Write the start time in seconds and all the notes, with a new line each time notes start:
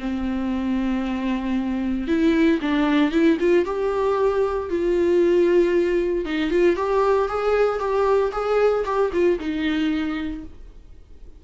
0.00 C4
2.08 E4
2.62 D4
3.12 E4
3.40 F4
3.65 G4
4.70 F4
6.25 D#4
6.51 F4
6.76 G4
7.29 G#4
7.79 G4
8.32 G#4
8.85 G4
9.13 F4
9.40 D#4